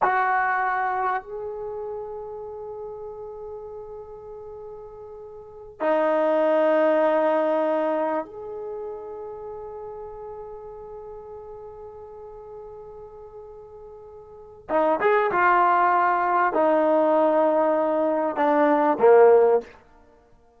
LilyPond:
\new Staff \with { instrumentName = "trombone" } { \time 4/4 \tempo 4 = 98 fis'2 gis'2~ | gis'1~ | gis'4. dis'2~ dis'8~ | dis'4. gis'2~ gis'8~ |
gis'1~ | gis'1 | dis'8 gis'8 f'2 dis'4~ | dis'2 d'4 ais4 | }